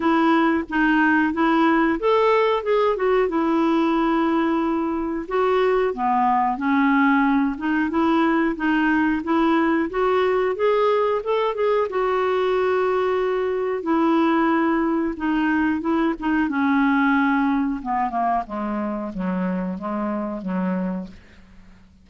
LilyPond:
\new Staff \with { instrumentName = "clarinet" } { \time 4/4 \tempo 4 = 91 e'4 dis'4 e'4 a'4 | gis'8 fis'8 e'2. | fis'4 b4 cis'4. dis'8 | e'4 dis'4 e'4 fis'4 |
gis'4 a'8 gis'8 fis'2~ | fis'4 e'2 dis'4 | e'8 dis'8 cis'2 b8 ais8 | gis4 fis4 gis4 fis4 | }